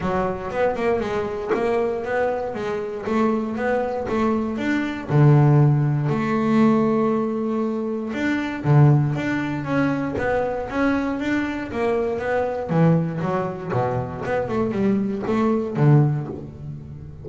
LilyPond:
\new Staff \with { instrumentName = "double bass" } { \time 4/4 \tempo 4 = 118 fis4 b8 ais8 gis4 ais4 | b4 gis4 a4 b4 | a4 d'4 d2 | a1 |
d'4 d4 d'4 cis'4 | b4 cis'4 d'4 ais4 | b4 e4 fis4 b,4 | b8 a8 g4 a4 d4 | }